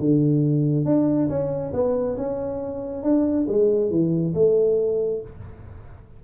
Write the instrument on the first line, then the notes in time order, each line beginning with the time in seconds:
tuba
0.00 D3
0.86 D4
1.29 C#4
1.74 B3
2.17 C#4
3.03 D4
3.49 G#3
3.91 E3
4.35 A3